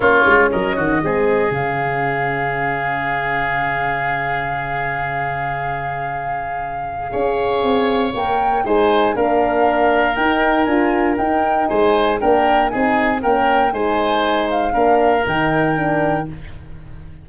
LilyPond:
<<
  \new Staff \with { instrumentName = "flute" } { \time 4/4 \tempo 4 = 118 cis''4 dis''2 f''4~ | f''1~ | f''1~ | f''1 |
g''4 gis''4 f''2 | g''4 gis''4 g''4 gis''4 | g''4 gis''4 g''4 gis''4~ | gis''8 f''4. g''2 | }
  \new Staff \with { instrumentName = "oboe" } { \time 4/4 f'4 ais'8 fis'8 gis'2~ | gis'1~ | gis'1~ | gis'2 cis''2~ |
cis''4 c''4 ais'2~ | ais'2. c''4 | ais'4 gis'4 ais'4 c''4~ | c''4 ais'2. | }
  \new Staff \with { instrumentName = "horn" } { \time 4/4 cis'2 c'4 cis'4~ | cis'1~ | cis'1~ | cis'2 gis'2 |
ais'4 dis'4 d'2 | dis'4 f'4 dis'2 | d'4 dis'4 cis'4 dis'4~ | dis'4 d'4 dis'4 d'4 | }
  \new Staff \with { instrumentName = "tuba" } { \time 4/4 ais8 gis8 fis8 dis8 gis4 cis4~ | cis1~ | cis1~ | cis2 cis'4 c'4 |
ais4 gis4 ais2 | dis'4 d'4 dis'4 gis4 | ais4 c'4 ais4 gis4~ | gis4 ais4 dis2 | }
>>